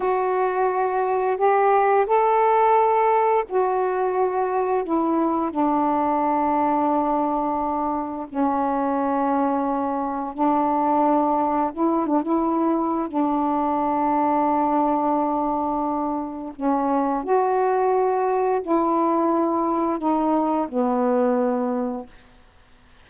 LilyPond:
\new Staff \with { instrumentName = "saxophone" } { \time 4/4 \tempo 4 = 87 fis'2 g'4 a'4~ | a'4 fis'2 e'4 | d'1 | cis'2. d'4~ |
d'4 e'8 d'16 e'4~ e'16 d'4~ | d'1 | cis'4 fis'2 e'4~ | e'4 dis'4 b2 | }